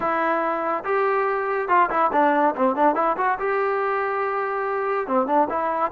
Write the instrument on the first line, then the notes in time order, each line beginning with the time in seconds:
trombone
0.00 E4
0.84 G4
1.68 F4
1.89 E4
2.12 D4
2.55 C4
2.75 D4
2.95 E4
3.17 F#4
3.39 G4
5.07 C4
5.27 D4
5.49 E4